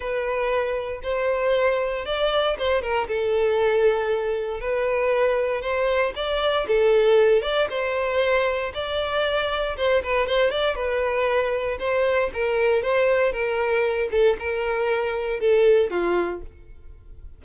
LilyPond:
\new Staff \with { instrumentName = "violin" } { \time 4/4 \tempo 4 = 117 b'2 c''2 | d''4 c''8 ais'8 a'2~ | a'4 b'2 c''4 | d''4 a'4. d''8 c''4~ |
c''4 d''2 c''8 b'8 | c''8 d''8 b'2 c''4 | ais'4 c''4 ais'4. a'8 | ais'2 a'4 f'4 | }